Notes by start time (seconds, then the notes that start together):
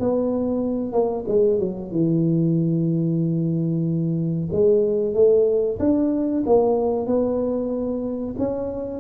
0.00 B3
0.92 A#3
1.28 G#3
1.60 F#3
1.91 E3
4.52 G#3
5.14 A3
5.79 D4
6.46 A#3
7.07 B3
8.39 C#4